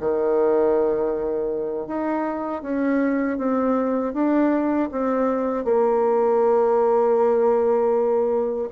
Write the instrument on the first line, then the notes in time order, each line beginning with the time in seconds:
bassoon
0.00 D#3
1.87 D#4
2.62 C#4
3.38 C4
4.13 D4
4.91 C4
5.64 A#3